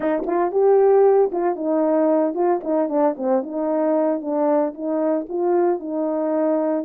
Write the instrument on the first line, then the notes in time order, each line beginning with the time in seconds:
horn
0.00 D#4
0.26 F4
0.51 G4
1.32 F4
1.55 D#4
2.34 F4
2.63 D#4
2.89 D4
3.17 C4
3.42 D#4
4.21 D4
4.73 D#4
5.28 F4
5.79 D#4